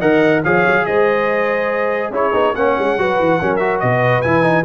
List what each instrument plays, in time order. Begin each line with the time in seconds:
0.00 tuba D#3, trombone A#4, horn D#5, trumpet F#5
0.44 tuba F3, trombone G#4, horn C#5, trumpet F5
0.66 tuba F#3
0.86 tuba G#3, horn C5, trumpet D#5
2.11 tuba C#4, trombone E4, horn G#4, trumpet C#5
2.33 tuba B3, trombone D#4
2.55 tuba A#3, trombone C#4, horn C#5, trumpet F#5
2.79 tuba G#3
2.98 tuba F#3, trombone F#4, horn B4
3.19 tuba E3
3.41 tuba F#3, trombone C#4, horn A#4
3.57 trombone F#4, trumpet E5
3.80 tuba B2, horn B4, trumpet D#5
4.22 tuba E3, trombone E4, trumpet G#5
4.43 trombone D#4